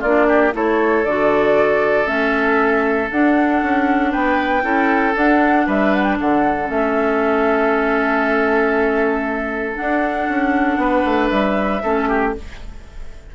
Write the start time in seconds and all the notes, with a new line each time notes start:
0.00 A#3 D4 F4 D5
0.28 G4
0.52 A3 E4 A4 C#5
1.04 D3 F#4 D5
2.05 A3 C#4 E5
3.11 D4 F#5
3.62 C#4
4.11 B3 B4 G5
4.62 C#4 E4 A4
5.13 D4 F#5
5.66 G3 B4 E5
5.94 F#5
6.03 G5
6.20 D3 A4 F#5
6.65 A3 C#4 E5
9.74 D4 F#5
10.28 C#4
10.77 B3 B4
11.04 A3
11.29 G3 E5
11.83 A3 C#4 A4
12.08 G4